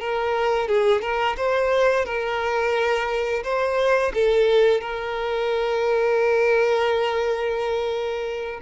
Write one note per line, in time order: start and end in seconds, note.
0.00 0.68 A#4
0.68 1.01 G#4
1.01 1.36 A#4
1.37 2.05 C5
2.05 3.43 A#4
3.43 4.12 C5
4.14 4.81 A4
4.81 8.60 A#4